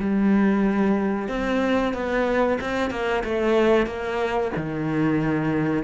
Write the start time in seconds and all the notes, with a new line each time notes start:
0.00 G3
1.29 C4
1.94 B3
2.61 C4
2.91 A#3
3.24 A3
3.87 A#3
4.57 D#3